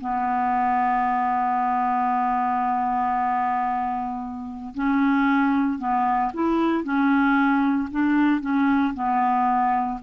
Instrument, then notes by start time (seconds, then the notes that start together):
clarinet
0.00 B3
4.74 C#4
5.78 B3
6.33 E4
6.83 C#4
7.90 D4
8.41 C#4
8.94 B3